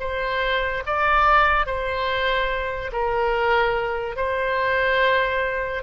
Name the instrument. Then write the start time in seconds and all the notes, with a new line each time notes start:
oboe
0.00 C5
0.86 D5
1.66 C5
2.92 A#4
4.16 C5